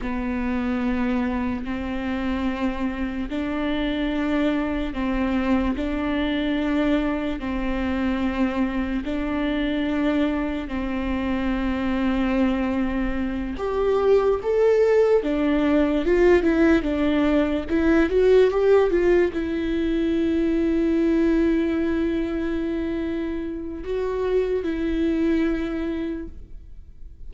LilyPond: \new Staff \with { instrumentName = "viola" } { \time 4/4 \tempo 4 = 73 b2 c'2 | d'2 c'4 d'4~ | d'4 c'2 d'4~ | d'4 c'2.~ |
c'8 g'4 a'4 d'4 f'8 | e'8 d'4 e'8 fis'8 g'8 f'8 e'8~ | e'1~ | e'4 fis'4 e'2 | }